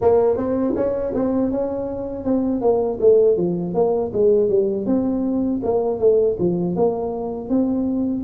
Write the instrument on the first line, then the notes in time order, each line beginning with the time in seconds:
tuba
0.01 A#3
0.36 C4
0.75 C#4
1.14 C4
1.51 C#4
2.24 C4
2.61 A#3
3.00 A3
3.36 F3
3.74 A#3
4.13 G#3
4.49 G3
4.85 C4
5.63 A#3
5.99 A3
6.39 F3
6.75 A#3
7.49 C4